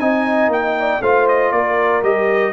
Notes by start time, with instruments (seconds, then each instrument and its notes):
0.00 tuba C4, trombone D#4, horn D#5, trumpet G#5
0.48 tuba A#3, trumpet G5
0.80 horn D5
1.02 tuba A3, trombone F4, horn C5, trumpet F5
1.29 trumpet D#5
1.52 tuba A#3, horn A#4, trumpet D5
2.02 tuba G3, trombone G4, trumpet D#5